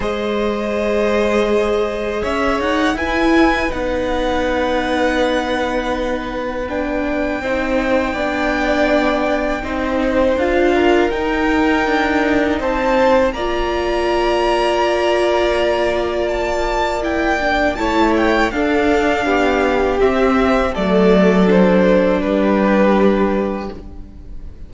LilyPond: <<
  \new Staff \with { instrumentName = "violin" } { \time 4/4 \tempo 4 = 81 dis''2. e''8 fis''8 | gis''4 fis''2.~ | fis''4 g''2.~ | g''2 f''4 g''4~ |
g''4 a''4 ais''2~ | ais''2 a''4 g''4 | a''8 g''8 f''2 e''4 | d''4 c''4 b'2 | }
  \new Staff \with { instrumentName = "violin" } { \time 4/4 c''2. cis''4 | b'1~ | b'2 c''4 d''4~ | d''4 c''4. ais'4.~ |
ais'4 c''4 d''2~ | d''1 | cis''4 a'4 g'2 | a'2 g'2 | }
  \new Staff \with { instrumentName = "viola" } { \time 4/4 gis'1 | e'4 dis'2.~ | dis'4 d'4 dis'4 d'4~ | d'4 dis'4 f'4 dis'4~ |
dis'2 f'2~ | f'2. e'8 d'8 | e'4 d'2 c'4 | a4 d'2. | }
  \new Staff \with { instrumentName = "cello" } { \time 4/4 gis2. cis'8 dis'8 | e'4 b2.~ | b2 c'4 b4~ | b4 c'4 d'4 dis'4 |
d'4 c'4 ais2~ | ais1 | a4 d'4 b4 c'4 | fis2 g2 | }
>>